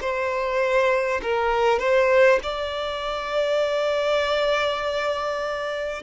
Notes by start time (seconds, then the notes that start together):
0.00 C5
1.22 A#4
1.79 C5
2.42 D5